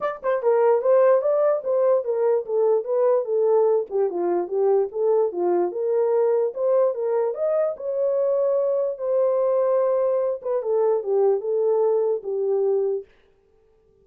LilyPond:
\new Staff \with { instrumentName = "horn" } { \time 4/4 \tempo 4 = 147 d''8 c''8 ais'4 c''4 d''4 | c''4 ais'4 a'4 b'4 | a'4. g'8 f'4 g'4 | a'4 f'4 ais'2 |
c''4 ais'4 dis''4 cis''4~ | cis''2 c''2~ | c''4. b'8 a'4 g'4 | a'2 g'2 | }